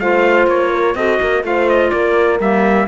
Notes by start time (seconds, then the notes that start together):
0.00 A3 F4 C5 F5
0.47 A#3 C#5
0.71 A#4
0.95 C4 F#4 A4 D#5
1.21 A#3 A#4
1.43 A3 F4 C5 F5
1.69 D#5
1.90 A#3 A#4 D5
2.40 G3 A#3 E5